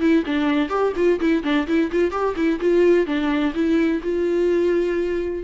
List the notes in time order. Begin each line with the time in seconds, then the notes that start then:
0.00 E4
0.25 D4
0.69 G4
0.96 F4
1.20 E4
1.43 D4
1.67 E4
1.92 F4
2.11 G4
2.36 E4
2.60 F4
3.06 D4
3.54 E4
4.03 F4